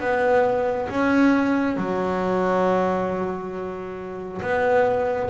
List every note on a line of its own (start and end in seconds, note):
0.00 0.88 B3
0.89 1.76 C#4
1.76 4.41 F#3
4.41 5.29 B3